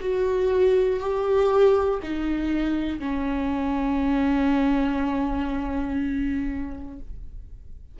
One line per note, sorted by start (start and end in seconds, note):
0.00 1.00 F#4
1.00 2.00 G4
2.03 3.00 D#4
3.00 7.00 C#4